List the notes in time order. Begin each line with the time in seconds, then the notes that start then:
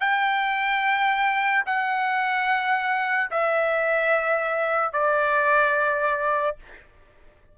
0.00 G5
1.66 F#5
3.30 E5
4.92 D5